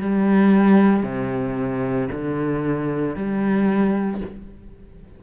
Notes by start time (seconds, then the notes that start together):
0.00 G3
1.03 C3
2.11 D3
3.15 G3